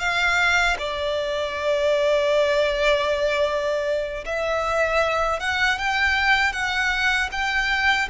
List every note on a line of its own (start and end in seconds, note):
0.00 0.77 F5
0.79 4.25 D5
4.26 5.40 E5
5.40 5.78 F#5
5.78 6.53 G5
6.53 7.30 F#5
7.32 8.09 G5